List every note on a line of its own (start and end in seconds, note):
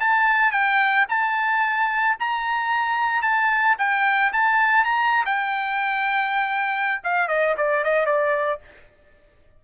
0.00 0.52 A5
0.52 1.06 G5
1.09 2.17 A5
2.20 3.22 A#5
3.22 3.76 A5
3.78 4.32 G5
4.33 4.84 A5
4.84 5.25 A#5
5.26 7.01 G5
7.04 7.28 F5
7.28 7.55 D#5
7.57 7.84 D5
7.84 8.06 D#5
8.06 8.60 D5